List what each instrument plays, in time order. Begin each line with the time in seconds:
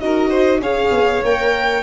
0.00 tuba D#4, viola F#4, violin A#4 D#5
0.30 violin C5
0.60 tuba C#4, viola G#4, violin C#5 F5
0.91 tuba B3
1.23 tuba A#3, viola A#4, violin G5